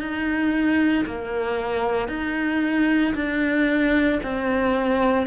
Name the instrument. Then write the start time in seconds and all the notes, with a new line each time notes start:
cello
0.00 D#4
1.06 A#3
2.09 D#4
3.15 D4
4.23 C4